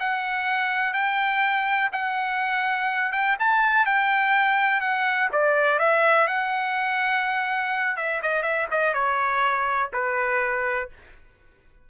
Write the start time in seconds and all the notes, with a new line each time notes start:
0.00 F#5
0.94 G5
1.92 F#5
3.13 G5
3.40 A5
3.86 G5
4.81 F#5
5.32 D5
5.79 E5
6.27 F#5
7.97 E5
8.22 D#5
8.43 E5
8.71 D#5
8.94 C#5
9.93 B4